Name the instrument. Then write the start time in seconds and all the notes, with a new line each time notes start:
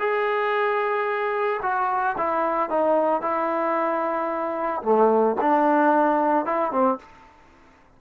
trombone
0.00 G#4
1.63 F#4
2.18 E4
2.70 D#4
3.22 E4
4.83 A3
5.41 D4
6.46 E4
6.72 C4